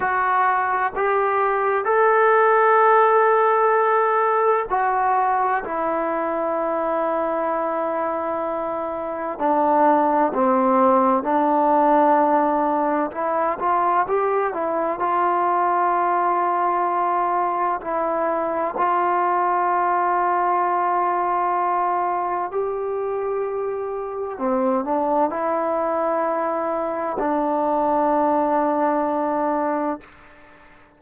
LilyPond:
\new Staff \with { instrumentName = "trombone" } { \time 4/4 \tempo 4 = 64 fis'4 g'4 a'2~ | a'4 fis'4 e'2~ | e'2 d'4 c'4 | d'2 e'8 f'8 g'8 e'8 |
f'2. e'4 | f'1 | g'2 c'8 d'8 e'4~ | e'4 d'2. | }